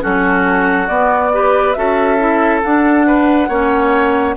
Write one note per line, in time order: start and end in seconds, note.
0.00 0.89 F#3
0.00 0.87 C#4
0.00 1.32 F#4
0.00 0.87 A4
0.87 1.31 B3
0.87 1.76 B3
0.87 1.72 D5
1.32 1.75 G4
1.32 1.77 B4
1.72 2.63 C#4
1.72 2.17 F#4
1.72 3.06 A4
1.72 2.59 E5
2.17 2.61 E4
2.62 3.49 D4
2.62 4.36 F#5
3.06 3.48 B4
3.48 4.36 A#3
3.48 4.36 C#4
3.48 4.35 C#5